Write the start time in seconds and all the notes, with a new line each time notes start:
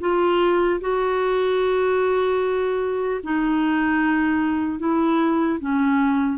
0.00 F4
0.80 F#4
3.23 D#4
4.79 E4
5.60 C#4